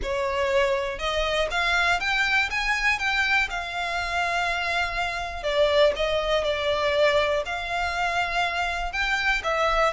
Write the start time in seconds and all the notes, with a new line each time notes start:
0.02 C#5
0.98 D#5
1.50 F5
2.00 G5
2.50 G#5
2.98 G5
3.50 F5
5.43 D5
5.95 D#5
6.44 D5
7.45 F5
8.92 G5
9.43 E5